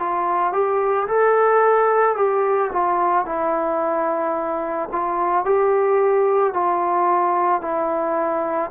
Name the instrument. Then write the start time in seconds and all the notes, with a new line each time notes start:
trombone
0.00 F4
0.53 G4
1.08 A4
2.17 G4
2.73 F4
3.26 E4
4.92 F4
5.45 G4
6.54 F4
7.62 E4